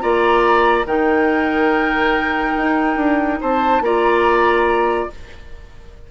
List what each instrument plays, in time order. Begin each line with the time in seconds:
0.00 bassoon A#3, clarinet F4, oboe D5, flute A#5
0.85 bassoon D#3, clarinet D#4, oboe A#4, flute G5
2.57 bassoon D#4
2.96 bassoon D4
3.40 bassoon C4, oboe C5, flute A5
3.81 bassoon A#3, clarinet F4, oboe D5, flute A#5